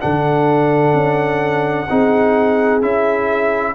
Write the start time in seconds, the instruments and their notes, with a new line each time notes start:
0.00 tuba D3, trombone D4, horn A4, trumpet F#5
0.94 tuba C#4
1.90 tuba C4, trombone D#4, horn G#4
2.81 tuba C#4, trombone E4, trumpet E5